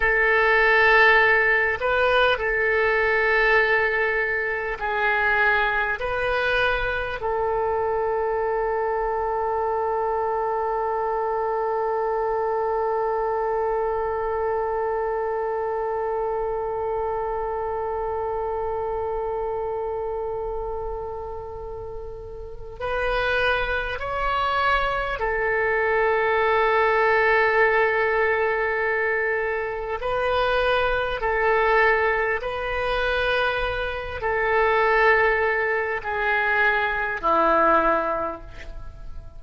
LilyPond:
\new Staff \with { instrumentName = "oboe" } { \time 4/4 \tempo 4 = 50 a'4. b'8 a'2 | gis'4 b'4 a'2~ | a'1~ | a'1~ |
a'2. b'4 | cis''4 a'2.~ | a'4 b'4 a'4 b'4~ | b'8 a'4. gis'4 e'4 | }